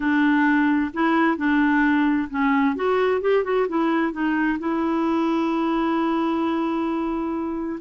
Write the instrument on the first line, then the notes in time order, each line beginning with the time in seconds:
clarinet
0.00 D4
0.93 E4
1.37 D4
2.29 C#4
2.75 F#4
3.21 G4
3.44 F#4
3.68 E4
4.12 D#4
4.59 E4